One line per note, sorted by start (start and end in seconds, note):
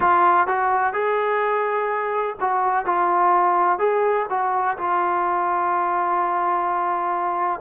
0.00 0.47 F4
0.47 0.93 F#4
0.93 2.35 G#4
2.40 2.85 F#4
2.85 3.78 F4
3.78 4.26 G#4
4.29 4.77 F#4
4.77 7.60 F4